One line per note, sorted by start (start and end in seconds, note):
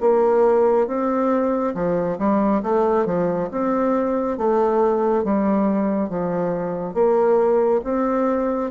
0.00 0.87 A#3
0.87 1.74 C4
1.74 2.18 F3
2.18 2.61 G3
2.63 3.05 A3
3.05 3.49 F3
3.51 4.38 C4
4.38 5.24 A3
5.24 6.09 G3
6.09 6.94 F3
6.94 7.81 A#3
7.83 8.70 C4